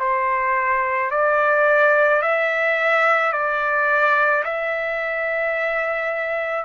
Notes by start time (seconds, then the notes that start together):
0.00 C5
1.11 D5
2.22 E5
3.33 D5
4.44 E5